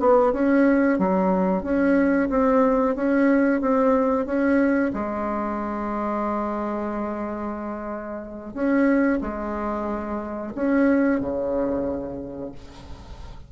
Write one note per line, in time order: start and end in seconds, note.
0.00 0.33 B3
0.33 0.99 C#4
0.99 1.63 F#3
1.63 2.29 C#4
2.30 2.96 C4
2.96 3.61 C#4
3.61 4.26 C4
4.26 4.92 C#4
4.94 8.54 G#3
8.54 9.20 C#4
9.21 10.53 G#3
10.55 11.20 C#4
11.20 12.52 C#3